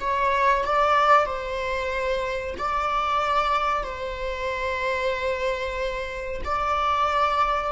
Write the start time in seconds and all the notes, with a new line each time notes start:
0.00 C#5
0.65 D5
1.26 C5
2.58 D5
3.83 C5
6.44 D5